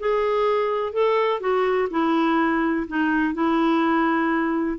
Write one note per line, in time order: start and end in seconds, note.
0.00 0.93 G#4
0.93 1.41 A4
1.41 1.89 F#4
1.91 2.87 E4
2.88 3.34 D#4
3.34 4.78 E4